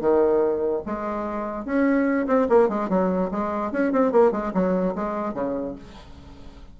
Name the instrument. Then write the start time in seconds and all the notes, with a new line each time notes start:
bassoon
0.00 D#3
0.86 G#3
1.65 C#4
2.27 C4
2.49 A#3
2.69 G#3
2.89 F#3
3.31 G#3
3.72 C#4
3.92 C4
4.12 A#3
4.32 G#3
4.54 F#3
4.95 G#3
5.34 C#3